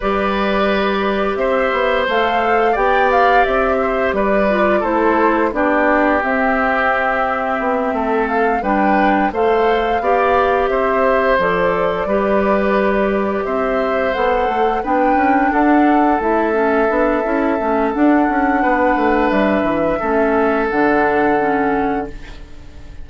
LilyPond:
<<
  \new Staff \with { instrumentName = "flute" } { \time 4/4 \tempo 4 = 87 d''2 e''4 f''4 | g''8 f''8 e''4 d''4 c''4 | d''4 e''2. | f''8 g''4 f''2 e''8~ |
e''8 d''2. e''8~ | e''8 fis''4 g''4 fis''4 e''8~ | e''2 fis''2 | e''2 fis''2 | }
  \new Staff \with { instrumentName = "oboe" } { \time 4/4 b'2 c''2 | d''4. c''8 b'4 a'4 | g'2.~ g'8 a'8~ | a'8 b'4 c''4 d''4 c''8~ |
c''4. b'2 c''8~ | c''4. b'4 a'4.~ | a'2. b'4~ | b'4 a'2. | }
  \new Staff \with { instrumentName = "clarinet" } { \time 4/4 g'2. a'4 | g'2~ g'8 f'8 e'4 | d'4 c'2.~ | c'8 d'4 a'4 g'4.~ |
g'8 a'4 g'2~ g'8~ | g'8 a'4 d'2 e'8 | cis'8 d'8 e'8 cis'8 d'2~ | d'4 cis'4 d'4 cis'4 | }
  \new Staff \with { instrumentName = "bassoon" } { \time 4/4 g2 c'8 b8 a4 | b4 c'4 g4 a4 | b4 c'2 b8 a8~ | a8 g4 a4 b4 c'8~ |
c'8 f4 g2 c'8~ | c'8 b8 a8 b8 cis'8 d'4 a8~ | a8 b8 cis'8 a8 d'8 cis'8 b8 a8 | g8 e8 a4 d2 | }
>>